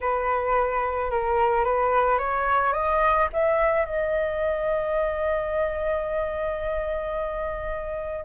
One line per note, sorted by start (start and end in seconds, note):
0.01 1.11 B4
1.11 1.64 A#4
1.64 2.18 B4
2.18 2.73 C#5
2.73 3.28 D#5
3.33 3.85 E5
3.85 8.25 D#5